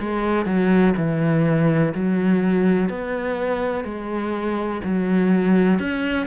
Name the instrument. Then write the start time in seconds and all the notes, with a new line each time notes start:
cello
0.00 G#3
0.46 F#3
0.97 E3
1.95 F#3
2.90 B3
3.85 G#3
4.84 F#3
5.79 C#4